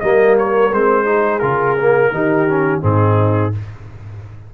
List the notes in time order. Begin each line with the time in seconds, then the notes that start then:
0.00 G3 A#3 A#4 D#5
0.38 C#5
0.71 G#3 C4 C5
1.04 D#4 G#4
1.39 C#3 F4 A#4
1.78 A#3
2.11 D#3 D#4 G4
2.48 C#4
2.81 G#2 C4 D#4 G#4